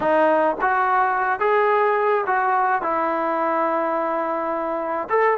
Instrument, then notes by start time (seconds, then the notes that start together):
trombone
0.00 D#4
0.61 F#4
1.39 G#4
2.26 F#4
2.82 E4
5.09 A4